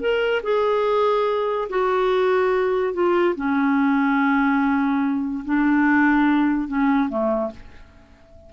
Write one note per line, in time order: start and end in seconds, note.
0.00 0.42 A#4
0.43 1.68 G#4
1.69 2.93 F#4
2.93 3.35 F4
3.36 5.44 C#4
5.45 6.68 D4
6.68 7.09 C#4
7.09 7.51 A3